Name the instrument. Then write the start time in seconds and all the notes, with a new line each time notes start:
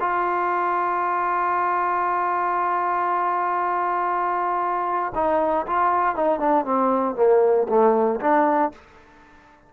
trombone
0.00 F4
5.15 D#4
5.66 F4
6.16 D#4
6.40 D4
6.65 C4
7.16 A#3
7.69 A3
8.21 D4